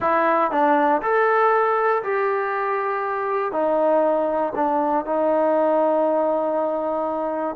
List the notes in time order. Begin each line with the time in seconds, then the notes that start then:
0.00 E4
0.51 D4
1.02 A4
2.03 G4
3.52 D#4
4.55 D4
5.05 D#4